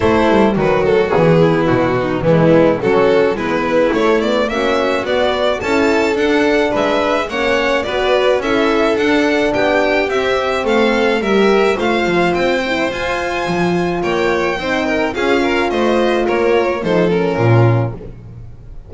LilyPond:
<<
  \new Staff \with { instrumentName = "violin" } { \time 4/4 \tempo 4 = 107 c''4 b'8 a'8 gis'4 fis'4 | e'4 a'4 b'4 cis''8 d''8 | e''4 d''4 a''4 fis''4 | e''4 fis''4 d''4 e''4 |
fis''4 g''4 e''4 f''4 | e''4 f''4 g''4 gis''4~ | gis''4 g''2 f''4 | dis''4 cis''4 c''8 ais'4. | }
  \new Staff \with { instrumentName = "violin" } { \time 4/4 e'4 fis'4. e'4 dis'8 | b4 fis'4 e'2 | fis'2 a'2 | b'4 cis''4 b'4 a'4~ |
a'4 g'2 a'4 | ais'4 c''2.~ | c''4 cis''4 c''8 ais'8 gis'8 ais'8 | c''4 ais'4 a'4 f'4 | }
  \new Staff \with { instrumentName = "horn" } { \time 4/4 a4 fis4 b2 | gis4 cis'4 b4 a8 b8 | cis'4 b4 e'4 d'4~ | d'4 cis'4 fis'4 e'4 |
d'2 c'2 | g'4 f'4. e'8 f'4~ | f'2 dis'4 f'4~ | f'2 dis'8 cis'4. | }
  \new Staff \with { instrumentName = "double bass" } { \time 4/4 a8 g8 dis4 e4 b,4 | e4 fis4 gis4 a4 | ais4 b4 cis'4 d'4 | gis4 ais4 b4 cis'4 |
d'4 b4 c'4 a4 | g4 a8 f8 c'4 f'4 | f4 ais4 c'4 cis'4 | a4 ais4 f4 ais,4 | }
>>